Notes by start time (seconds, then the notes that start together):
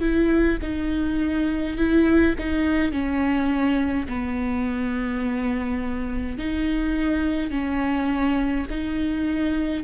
0.00 E4
0.62 D#4
1.77 E4
2.38 D#4
2.92 C#4
4.08 B3
6.38 D#4
7.51 C#4
8.70 D#4